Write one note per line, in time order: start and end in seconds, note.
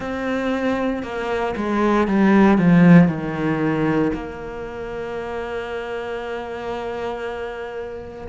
0.00 1.03 C4
1.03 1.54 A#3
1.56 2.07 G#3
2.07 2.58 G3
2.58 3.08 F3
3.08 4.11 D#3
4.13 8.27 A#3